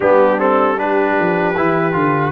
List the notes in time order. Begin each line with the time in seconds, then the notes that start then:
0.00 G3 B3 D4 G4
0.38 C4 A4
0.77 D4 G4 B4
1.18 F3
1.56 E3 E4
1.93 D3 F4